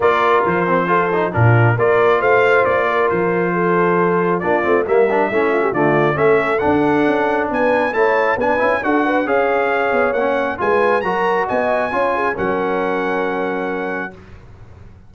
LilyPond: <<
  \new Staff \with { instrumentName = "trumpet" } { \time 4/4 \tempo 4 = 136 d''4 c''2 ais'4 | d''4 f''4 d''4 c''4~ | c''2 d''4 e''4~ | e''4 d''4 e''4 fis''4~ |
fis''4 gis''4 a''4 gis''4 | fis''4 f''2 fis''4 | gis''4 ais''4 gis''2 | fis''1 | }
  \new Staff \with { instrumentName = "horn" } { \time 4/4 ais'2 a'4 f'4 | ais'4 c''4. ais'4. | a'2 f'4 ais'4 | e'8 f'16 g'16 f'4 a'2~ |
a'4 b'4 cis''4 b'4 | a'8 b'8 cis''2. | b'4 ais'4 dis''4 cis''8 gis'8 | ais'1 | }
  \new Staff \with { instrumentName = "trombone" } { \time 4/4 f'4. c'8 f'8 dis'8 d'4 | f'1~ | f'2 d'8 c'8 ais8 d'8 | cis'4 a4 cis'4 d'4~ |
d'2 e'4 d'8 e'8 | fis'4 gis'2 cis'4 | f'4 fis'2 f'4 | cis'1 | }
  \new Staff \with { instrumentName = "tuba" } { \time 4/4 ais4 f2 ais,4 | ais4 a4 ais4 f4~ | f2 ais8 a8 g4 | a4 d4 a4 d'4 |
cis'4 b4 a4 b8 cis'8 | d'4 cis'4. b8 ais4 | gis4 fis4 b4 cis'4 | fis1 | }
>>